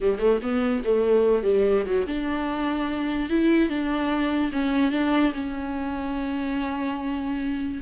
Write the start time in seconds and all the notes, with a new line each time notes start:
0.00 G3
0.18 A3
0.42 B3
0.84 A3
1.43 G3
1.86 F#3
2.06 D4
3.29 E4
3.69 D4
4.52 C#4
4.91 D4
5.33 C#4